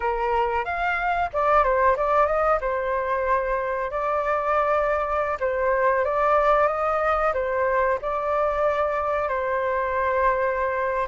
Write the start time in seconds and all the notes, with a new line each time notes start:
0.00 A#4
0.64 F5
1.33 D5
1.63 C5
1.96 D5
2.26 D#5
2.60 C5
3.90 D5
5.40 C5
6.04 D5
6.67 D#5
7.33 C5
8.01 D5
9.28 C5